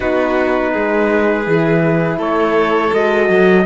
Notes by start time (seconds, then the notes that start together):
0.00 B3 D#4 F#4 B4
0.73 G#3 G#4
1.46 E3 E4
2.17 A3 A4 C#5
2.92 G#3 F#4 D#5
3.29 F#3